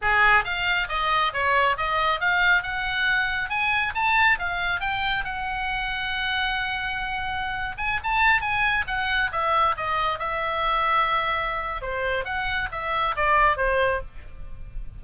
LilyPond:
\new Staff \with { instrumentName = "oboe" } { \time 4/4 \tempo 4 = 137 gis'4 f''4 dis''4 cis''4 | dis''4 f''4 fis''2 | gis''4 a''4 f''4 g''4 | fis''1~ |
fis''4.~ fis''16 gis''8 a''4 gis''8.~ | gis''16 fis''4 e''4 dis''4 e''8.~ | e''2. c''4 | fis''4 e''4 d''4 c''4 | }